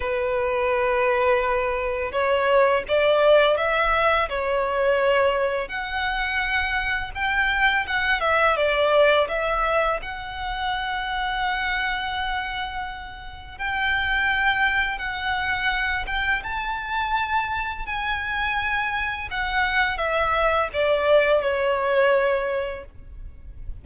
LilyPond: \new Staff \with { instrumentName = "violin" } { \time 4/4 \tempo 4 = 84 b'2. cis''4 | d''4 e''4 cis''2 | fis''2 g''4 fis''8 e''8 | d''4 e''4 fis''2~ |
fis''2. g''4~ | g''4 fis''4. g''8 a''4~ | a''4 gis''2 fis''4 | e''4 d''4 cis''2 | }